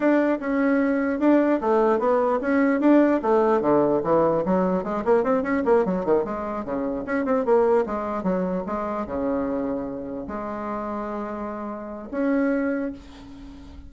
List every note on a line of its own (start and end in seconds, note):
0.00 0.38 D4
0.40 1.19 C#4
1.19 1.59 D4
1.61 1.99 A3
1.99 2.39 B3
2.41 2.80 C#4
2.80 3.20 D4
3.22 3.61 A3
3.61 4.01 D3
4.03 4.44 E3
4.45 4.83 F#3
4.83 5.03 G#3
5.04 5.23 A#3
5.23 5.42 C4
5.42 5.62 C#4
5.65 5.85 A#3
5.85 6.05 F#3
6.05 6.24 D#3
6.24 6.64 G#3
6.64 7.05 C#3
7.05 7.25 C#4
7.25 7.45 C4
7.45 7.85 A#3
7.85 8.23 G#3
8.23 8.63 F#3
8.66 9.06 G#3
9.06 10.27 C#3
10.27 12.08 G#3
12.11 12.92 C#4